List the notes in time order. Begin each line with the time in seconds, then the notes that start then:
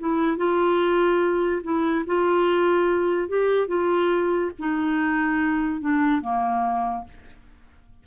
0.00 E4
0.37 F4
1.63 E4
2.07 F4
3.29 G4
3.68 F4
4.59 D#4
5.81 D4
6.21 A#3